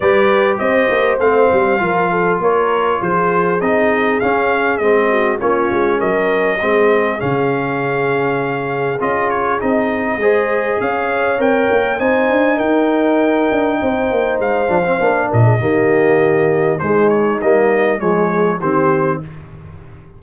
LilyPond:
<<
  \new Staff \with { instrumentName = "trumpet" } { \time 4/4 \tempo 4 = 100 d''4 dis''4 f''2 | cis''4 c''4 dis''4 f''4 | dis''4 cis''4 dis''2 | f''2. dis''8 cis''8 |
dis''2 f''4 g''4 | gis''4 g''2. | f''4. dis''2~ dis''8 | c''8 cis''8 dis''4 cis''4 c''4 | }
  \new Staff \with { instrumentName = "horn" } { \time 4/4 b'4 c''2 ais'8 a'8 | ais'4 gis'2.~ | gis'8 fis'8 f'4 ais'4 gis'4~ | gis'1~ |
gis'4 c''4 cis''2 | c''4 ais'2 c''4~ | c''4. ais'16 gis'16 g'2 | dis'2 gis'4 g'4 | }
  \new Staff \with { instrumentName = "trombone" } { \time 4/4 g'2 c'4 f'4~ | f'2 dis'4 cis'4 | c'4 cis'2 c'4 | cis'2. f'4 |
dis'4 gis'2 ais'4 | dis'1~ | dis'8 d'16 c'16 d'4 ais2 | gis4 ais4 gis4 c'4 | }
  \new Staff \with { instrumentName = "tuba" } { \time 4/4 g4 c'8 ais8 a8 g8 f4 | ais4 f4 c'4 cis'4 | gis4 ais8 gis8 fis4 gis4 | cis2. cis'4 |
c'4 gis4 cis'4 c'8 ais8 | c'8 d'8 dis'4. d'8 c'8 ais8 | gis8 f8 ais8 ais,8 dis2 | gis4 g4 f4 dis4 | }
>>